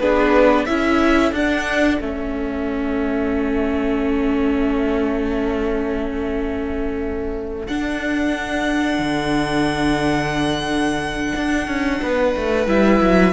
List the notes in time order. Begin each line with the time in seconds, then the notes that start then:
0.00 B3 D4 G#4 B4
0.66 C#4 E4 A4 E5
1.33 D4 F#5
2.01 A3 C#4 E5
7.68 D4 F#5
8.99 D3
11.36 D4
11.68 C#4
12.02 B3 B4
12.36 A3
12.67 G3 E4 E5
13.01 F#3